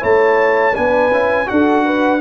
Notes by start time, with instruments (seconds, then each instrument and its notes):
0.00 tuba A3, trombone E4, horn C#5, trumpet A5
0.74 tuba B3, trombone D4, horn B4, trumpet G#5
1.11 tuba C#4, trombone E4
1.46 tuba D4, trombone F#4, horn A4, trumpet F#5
1.85 horn B4